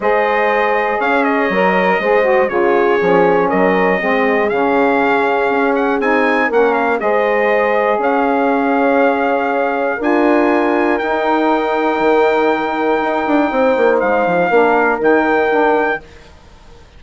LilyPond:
<<
  \new Staff \with { instrumentName = "trumpet" } { \time 4/4 \tempo 4 = 120 dis''2 f''8 dis''4.~ | dis''4 cis''2 dis''4~ | dis''4 f''2~ f''8 fis''8 | gis''4 fis''8 f''8 dis''2 |
f''1 | gis''2 g''2~ | g''1 | f''2 g''2 | }
  \new Staff \with { instrumentName = "horn" } { \time 4/4 c''2 cis''2 | c''4 gis'2 ais'4 | gis'1~ | gis'4 ais'4 c''2 |
cis''1 | ais'1~ | ais'2. c''4~ | c''4 ais'2. | }
  \new Staff \with { instrumentName = "saxophone" } { \time 4/4 gis'2. ais'4 | gis'8 fis'8 f'4 cis'2 | c'4 cis'2. | dis'4 cis'4 gis'2~ |
gis'1 | f'2 dis'2~ | dis'1~ | dis'4 d'4 dis'4 d'4 | }
  \new Staff \with { instrumentName = "bassoon" } { \time 4/4 gis2 cis'4 fis4 | gis4 cis4 f4 fis4 | gis4 cis2 cis'4 | c'4 ais4 gis2 |
cis'1 | d'2 dis'2 | dis2 dis'8 d'8 c'8 ais8 | gis8 f8 ais4 dis2 | }
>>